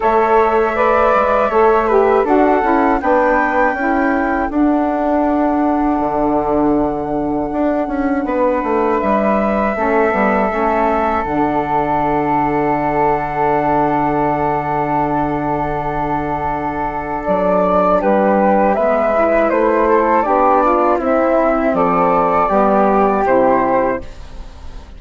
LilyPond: <<
  \new Staff \with { instrumentName = "flute" } { \time 4/4 \tempo 4 = 80 e''2. fis''4 | g''2 fis''2~ | fis''1 | e''2. fis''4~ |
fis''1~ | fis''2. d''4 | b'4 e''4 c''4 d''4 | e''4 d''2 c''4 | }
  \new Staff \with { instrumentName = "flute" } { \time 4/4 cis''4 d''4 cis''8 b'8 a'4 | b'4 a'2.~ | a'2. b'4~ | b'4 a'2.~ |
a'1~ | a'1 | g'4 b'4. a'8 g'8 f'8 | e'4 a'4 g'2 | }
  \new Staff \with { instrumentName = "saxophone" } { \time 4/4 a'4 b'4 a'8 g'8 fis'8 e'8 | d'4 e'4 d'2~ | d'1~ | d'4 cis'8 b8 cis'4 d'4~ |
d'1~ | d'1~ | d'4 b8 e'4. d'4 | c'2 b4 e'4 | }
  \new Staff \with { instrumentName = "bassoon" } { \time 4/4 a4. gis8 a4 d'8 cis'8 | b4 cis'4 d'2 | d2 d'8 cis'8 b8 a8 | g4 a8 g8 a4 d4~ |
d1~ | d2. fis4 | g4 gis4 a4 b4 | c'4 f4 g4 c4 | }
>>